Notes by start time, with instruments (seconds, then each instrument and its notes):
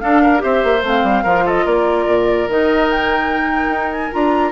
0.00 clarinet D4, bassoon D4, oboe A4, flute F5
0.22 oboe A#4
0.38 bassoon C4, clarinet G4, oboe C5, flute E5
0.64 bassoon A#3
0.83 bassoon A3, clarinet C4, flute F5
1.03 bassoon G3
1.24 bassoon F3, clarinet F4, oboe A#4
1.46 oboe A4, flute D#5
1.65 bassoon A#3, oboe A#4, flute D5
2.07 bassoon A#2
2.49 bassoon D#3, clarinet D#4, flute D#5
2.90 flute G5
3.68 bassoon D#4
3.92 flute G#5
4.11 bassoon D4, clarinet F4, flute A#5